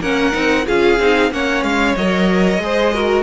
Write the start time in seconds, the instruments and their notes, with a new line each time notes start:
0.00 cello A#3, viola C#4, violin A#4 F#5
0.31 cello C4, viola D#4
0.66 cello C#4, viola F4, violin G#4 F5
0.99 cello C4, viola D#4
1.31 cello A#3, viola C#4, violin C#5 F#5
1.63 cello G#3, violin F5
1.96 cello F#3, viola A#4, violin D#5
2.58 cello G#3, viola G#4, violin C5
2.93 viola F#4, violin A#4